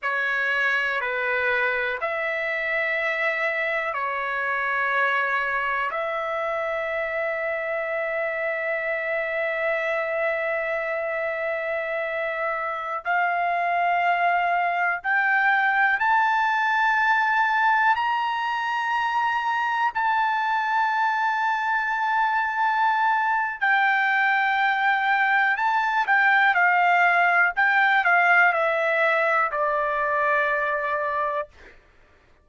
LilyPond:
\new Staff \with { instrumentName = "trumpet" } { \time 4/4 \tempo 4 = 61 cis''4 b'4 e''2 | cis''2 e''2~ | e''1~ | e''4~ e''16 f''2 g''8.~ |
g''16 a''2 ais''4.~ ais''16~ | ais''16 a''2.~ a''8. | g''2 a''8 g''8 f''4 | g''8 f''8 e''4 d''2 | }